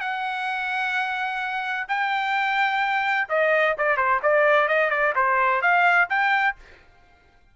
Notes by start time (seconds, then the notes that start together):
0.00 F#5
1.88 G5
3.29 D#5
3.77 D5
3.97 C5
4.22 D5
4.68 D#5
4.90 D5
5.15 C5
5.62 F5
6.09 G5